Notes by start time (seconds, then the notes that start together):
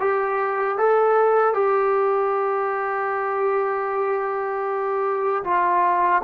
0.00 G4
0.78 A4
1.54 G4
5.44 F4